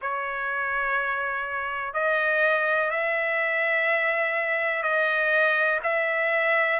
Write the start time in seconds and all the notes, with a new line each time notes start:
0.01 C#5
1.93 D#5
2.90 E5
4.83 D#5
5.83 E5